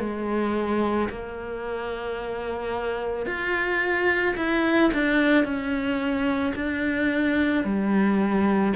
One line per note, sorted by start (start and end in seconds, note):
0.00 1.09 G#3
1.10 3.26 A#3
3.26 4.35 F4
4.37 4.91 E4
4.94 5.44 D4
5.44 6.54 C#4
6.56 7.65 D4
7.65 8.74 G3